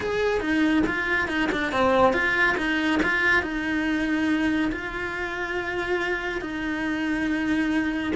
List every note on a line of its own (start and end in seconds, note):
0.00 0.40 G#4
0.40 0.83 D#4
0.86 1.28 F4
1.28 1.49 D#4
1.51 1.72 D4
1.72 2.13 C4
2.13 2.56 F4
2.57 3.00 D#4
3.02 3.42 F4
3.42 4.71 D#4
4.71 6.41 F4
6.41 8.12 D#4